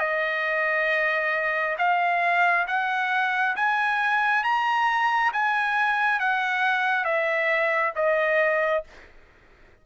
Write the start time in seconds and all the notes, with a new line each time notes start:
0.00 D#5
1.78 F5
2.68 F#5
3.56 G#5
4.44 A#5
5.33 G#5
6.20 F#5
7.05 E5
7.96 D#5